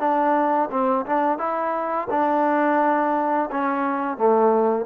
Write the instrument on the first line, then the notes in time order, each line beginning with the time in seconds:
trombone
0.00 D4
0.71 C4
1.06 D4
1.39 E4
2.11 D4
3.51 C#4
4.18 A3